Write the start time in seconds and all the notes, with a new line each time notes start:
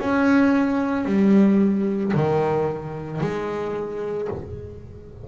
0.00 C#4
1.05 G3
2.14 D#3
3.21 G#3